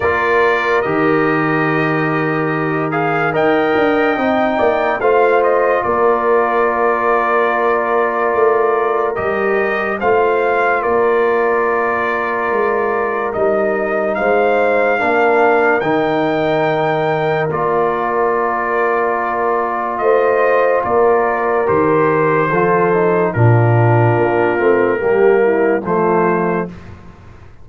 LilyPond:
<<
  \new Staff \with { instrumentName = "trumpet" } { \time 4/4 \tempo 4 = 72 d''4 dis''2~ dis''8 f''8 | g''2 f''8 dis''8 d''4~ | d''2. dis''4 | f''4 d''2. |
dis''4 f''2 g''4~ | g''4 d''2. | dis''4 d''4 c''2 | ais'2. c''4 | }
  \new Staff \with { instrumentName = "horn" } { \time 4/4 ais'1 | dis''4. d''8 c''4 ais'4~ | ais'1 | c''4 ais'2.~ |
ais'4 c''4 ais'2~ | ais'1 | c''4 ais'2 a'4 | f'2 g'8 e'8 f'4 | }
  \new Staff \with { instrumentName = "trombone" } { \time 4/4 f'4 g'2~ g'8 gis'8 | ais'4 dis'4 f'2~ | f'2. g'4 | f'1 |
dis'2 d'4 dis'4~ | dis'4 f'2.~ | f'2 g'4 f'8 dis'8 | d'4. c'8 ais4 a4 | }
  \new Staff \with { instrumentName = "tuba" } { \time 4/4 ais4 dis2. | dis'8 d'8 c'8 ais8 a4 ais4~ | ais2 a4 g4 | a4 ais2 gis4 |
g4 gis4 ais4 dis4~ | dis4 ais2. | a4 ais4 dis4 f4 | ais,4 ais8 a8 g4 f4 | }
>>